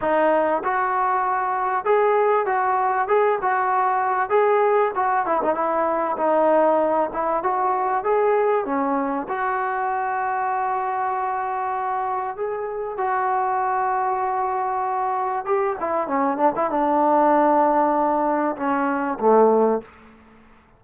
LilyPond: \new Staff \with { instrumentName = "trombone" } { \time 4/4 \tempo 4 = 97 dis'4 fis'2 gis'4 | fis'4 gis'8 fis'4. gis'4 | fis'8 e'16 dis'16 e'4 dis'4. e'8 | fis'4 gis'4 cis'4 fis'4~ |
fis'1 | gis'4 fis'2.~ | fis'4 g'8 e'8 cis'8 d'16 e'16 d'4~ | d'2 cis'4 a4 | }